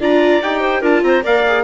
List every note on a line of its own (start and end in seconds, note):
0.00 0.41 D4
0.00 0.41 F4
0.00 0.60 D5
0.00 0.42 A#5
0.42 0.82 D#4
0.42 0.82 G4
0.42 0.83 G5
0.60 0.81 C5
0.81 1.02 D4
0.81 1.22 F4
0.81 1.01 A#4
0.81 1.04 A5
1.02 1.23 C4
1.02 1.23 C5
1.02 1.24 A#5
1.23 1.64 A#3
1.23 1.43 A#4
1.23 1.64 D5
1.23 1.64 F5
1.47 1.64 G#4